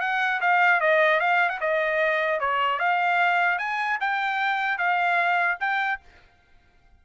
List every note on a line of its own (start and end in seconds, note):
0.00 0.40 F#5
0.40 0.80 F5
0.80 1.20 D#5
1.20 1.49 F5
1.49 1.59 F#5
1.60 2.39 D#5
2.39 2.79 C#5
2.79 3.58 F5
3.58 3.98 G#5
4.00 4.77 G5
4.77 5.57 F5
5.59 5.99 G5